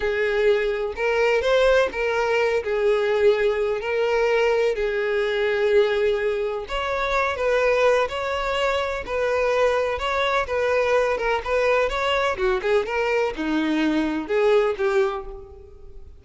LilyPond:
\new Staff \with { instrumentName = "violin" } { \time 4/4 \tempo 4 = 126 gis'2 ais'4 c''4 | ais'4. gis'2~ gis'8 | ais'2 gis'2~ | gis'2 cis''4. b'8~ |
b'4 cis''2 b'4~ | b'4 cis''4 b'4. ais'8 | b'4 cis''4 fis'8 gis'8 ais'4 | dis'2 gis'4 g'4 | }